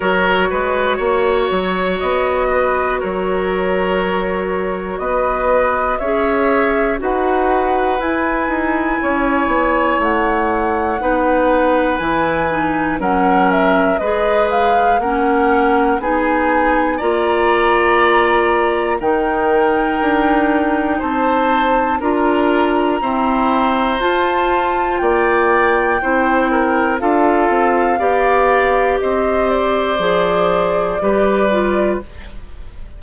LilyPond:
<<
  \new Staff \with { instrumentName = "flute" } { \time 4/4 \tempo 4 = 60 cis''2 dis''4 cis''4~ | cis''4 dis''4 e''4 fis''4 | gis''2 fis''2 | gis''4 fis''8 e''8 dis''8 f''8 fis''4 |
gis''4 ais''2 g''4~ | g''4 a''4 ais''2 | a''4 g''2 f''4~ | f''4 dis''8 d''2~ d''8 | }
  \new Staff \with { instrumentName = "oboe" } { \time 4/4 ais'8 b'8 cis''4. b'8 ais'4~ | ais'4 b'4 cis''4 b'4~ | b'4 cis''2 b'4~ | b'4 ais'4 b'4 ais'4 |
gis'4 d''2 ais'4~ | ais'4 c''4 ais'4 c''4~ | c''4 d''4 c''8 ais'8 a'4 | d''4 c''2 b'4 | }
  \new Staff \with { instrumentName = "clarinet" } { \time 4/4 fis'1~ | fis'2 gis'4 fis'4 | e'2. dis'4 | e'8 dis'8 cis'4 gis'4 cis'4 |
dis'4 f'2 dis'4~ | dis'2 f'4 c'4 | f'2 e'4 f'4 | g'2 gis'4 g'8 f'8 | }
  \new Staff \with { instrumentName = "bassoon" } { \time 4/4 fis8 gis8 ais8 fis8 b4 fis4~ | fis4 b4 cis'4 dis'4 | e'8 dis'8 cis'8 b8 a4 b4 | e4 fis4 gis4 ais4 |
b4 ais2 dis4 | d'4 c'4 d'4 e'4 | f'4 ais4 c'4 d'8 c'8 | b4 c'4 f4 g4 | }
>>